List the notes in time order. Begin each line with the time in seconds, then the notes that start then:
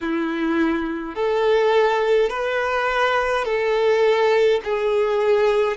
0.01 E4
1.15 A4
2.29 B4
3.45 A4
4.64 G#4